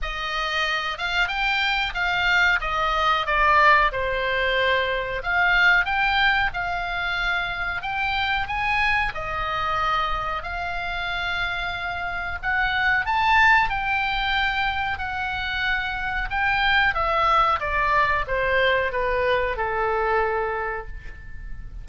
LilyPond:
\new Staff \with { instrumentName = "oboe" } { \time 4/4 \tempo 4 = 92 dis''4. f''8 g''4 f''4 | dis''4 d''4 c''2 | f''4 g''4 f''2 | g''4 gis''4 dis''2 |
f''2. fis''4 | a''4 g''2 fis''4~ | fis''4 g''4 e''4 d''4 | c''4 b'4 a'2 | }